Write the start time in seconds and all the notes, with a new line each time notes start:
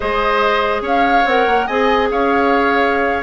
0.00 G#3 G#4 C5 D#5
0.81 C#4 C#5 F5
1.25 C4 A#4 F#5
1.47 A#3
1.66 C4 G#4 D#5 G#5
2.10 C#4 C#5 F5